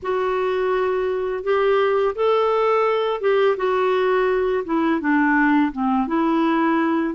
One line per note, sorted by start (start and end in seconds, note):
0.02 1.43 F#4
1.43 2.15 G4
2.15 3.20 A4
3.20 3.56 G4
3.56 4.64 F#4
4.65 5.00 E4
5.00 5.71 D4
5.71 6.07 C4
6.07 7.14 E4